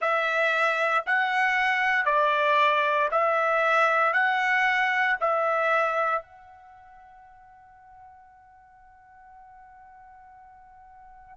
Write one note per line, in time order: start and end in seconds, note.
0.00 1.04 E5
1.06 2.05 F#5
2.05 3.08 D5
3.11 4.13 E5
4.13 5.16 F#5
5.20 6.22 E5
6.22 11.36 F#5